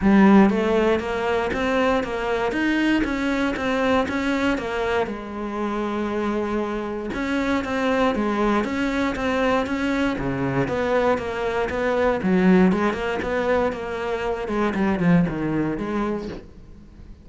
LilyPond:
\new Staff \with { instrumentName = "cello" } { \time 4/4 \tempo 4 = 118 g4 a4 ais4 c'4 | ais4 dis'4 cis'4 c'4 | cis'4 ais4 gis2~ | gis2 cis'4 c'4 |
gis4 cis'4 c'4 cis'4 | cis4 b4 ais4 b4 | fis4 gis8 ais8 b4 ais4~ | ais8 gis8 g8 f8 dis4 gis4 | }